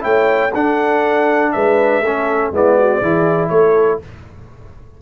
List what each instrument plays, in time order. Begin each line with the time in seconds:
0.00 tuba A3, trombone E4, horn C#5, trumpet G5
0.54 tuba D4, trombone D4, horn A4, trumpet F#5
1.52 tuba G#3, horn B4, trumpet E5
2.02 tuba A3, trombone C#4, horn A4
2.52 tuba G#3, trombone B3, horn E4, trumpet D5
2.78 horn F#4
3.00 tuba E3, trombone E4, horn G#4
3.49 tuba A3, horn A4, trumpet C#5